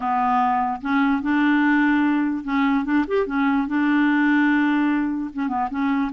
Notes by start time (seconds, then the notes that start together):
0.00 B3
0.81 C#4
1.22 D4
2.44 C#4
2.85 D4
3.07 G4
3.26 C#4
3.67 D4
5.33 C#4
5.48 B3
5.70 C#4